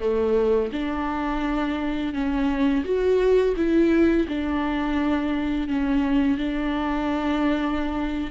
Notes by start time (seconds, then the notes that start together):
0.00 A3
0.72 D4
2.13 C#4
2.84 F#4
3.56 E4
4.27 D4
5.68 C#4
6.37 D4